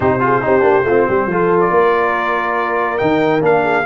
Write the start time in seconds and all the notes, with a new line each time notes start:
0.00 C3 D#4 G4 C5
0.20 F4 G#4
0.41 C4 D#4 G4
0.61 A#3 D4
0.83 A3 F4
0.89 C4
1.07 G3 G4
1.27 F3 F4 A4
1.60 D5
1.70 A#3 A#4
2.98 D#3 D#4 G5
3.40 A#3 D4 F5
3.63 G#4